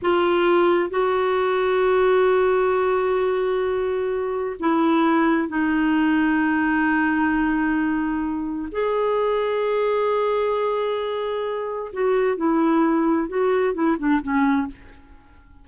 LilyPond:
\new Staff \with { instrumentName = "clarinet" } { \time 4/4 \tempo 4 = 131 f'2 fis'2~ | fis'1~ | fis'2 e'2 | dis'1~ |
dis'2. gis'4~ | gis'1~ | gis'2 fis'4 e'4~ | e'4 fis'4 e'8 d'8 cis'4 | }